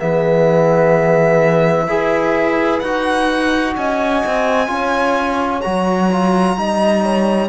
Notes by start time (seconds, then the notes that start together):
0.00 E3 B3 G#4 E5
1.88 E4 G#4 B4
2.80 D#4 F#4 F#5
3.77 C#4 D#5 G#5
4.26 C4
4.68 C#4 F4 C#5
5.61 F#3 F#4 A#5
6.12 F4
6.57 G3 D#4 D#5
7.04 C#5